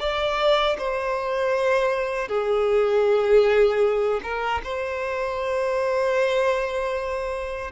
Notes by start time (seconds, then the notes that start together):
0.00 D5
0.78 C5
2.29 G#4
4.23 A#4
4.64 C5